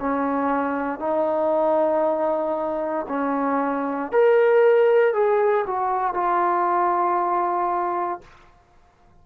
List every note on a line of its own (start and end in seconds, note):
0.00 1.00 C#4
1.00 3.07 D#4
3.09 4.12 C#4
4.12 5.14 A#4
5.14 5.66 G#4
5.67 6.15 F#4
6.15 8.21 F4